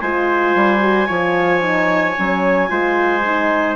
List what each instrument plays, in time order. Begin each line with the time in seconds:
0.00 bassoon G#3, horn F4, trumpet C5, clarinet G#5
0.55 bassoon G3
0.80 horn F#4
1.07 bassoon F3, horn F4, trumpet C#5
1.61 horn D#4
2.17 bassoon F#3, horn C#4
2.68 bassoon G#3, horn F4, trumpet C5
3.25 horn D#4